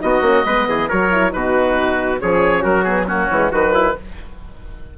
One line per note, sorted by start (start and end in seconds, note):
0.00 0.21 B3
0.00 0.22 D#4
0.00 0.46 F#4
0.00 0.89 D#5
0.21 0.43 A#3
0.21 0.44 C#4
0.45 0.67 G#3
0.45 0.90 B3
0.45 0.67 B4
0.68 0.90 E3
0.68 0.89 G#4
0.89 1.33 F#3
0.89 1.12 F#4
0.89 1.32 A#4
0.89 1.32 C#5
1.12 1.30 E4
1.30 2.21 B2
1.30 2.18 D#4
1.30 2.22 F#4
1.30 2.20 B4
2.19 2.64 F3
2.19 2.85 C#4
2.19 2.62 G#4
2.19 2.64 C#5
2.62 3.30 F#3
2.62 3.06 F#4
2.62 2.83 A#4
2.83 3.08 B3
2.83 3.05 G#4
3.08 3.31 A#3
3.08 3.51 C#4
3.08 3.52 F#4
3.30 3.52 E3
3.30 3.52 G#3
3.51 3.96 D#3
3.51 3.96 F#3
3.51 3.73 F#4
3.51 3.98 B4
3.74 3.96 E4